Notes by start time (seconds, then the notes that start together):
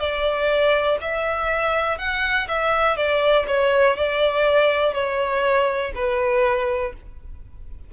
0.00 D5
1.01 E5
1.99 F#5
2.49 E5
2.97 D5
3.48 C#5
3.97 D5
4.94 C#5
5.95 B4